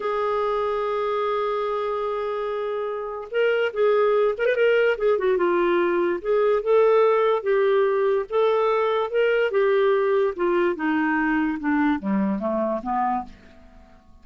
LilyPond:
\new Staff \with { instrumentName = "clarinet" } { \time 4/4 \tempo 4 = 145 gis'1~ | gis'1 | ais'4 gis'4. ais'16 b'16 ais'4 | gis'8 fis'8 f'2 gis'4 |
a'2 g'2 | a'2 ais'4 g'4~ | g'4 f'4 dis'2 | d'4 g4 a4 b4 | }